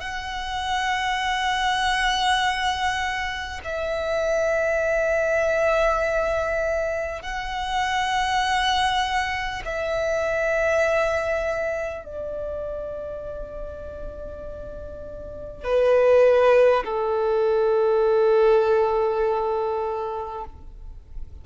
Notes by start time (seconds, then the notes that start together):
0.00 F#5
3.64 E5
7.22 F#5
9.65 E5
12.04 D5
15.64 B4
16.84 A4